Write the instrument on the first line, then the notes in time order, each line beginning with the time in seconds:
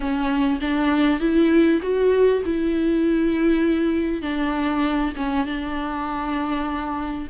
viola
0.00 C#4
0.60 D4
1.20 E4
1.82 F#4
2.45 E4
4.21 D4
5.16 C#4
5.45 D4